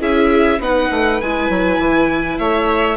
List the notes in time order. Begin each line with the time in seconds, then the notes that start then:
0.00 C#4 E4 G#4 E5
0.60 B3 D#4 B4 F#5
0.91 A3
1.21 G#3 E4 G#5
1.50 F#3
1.78 E3
2.38 A3 C#5 E5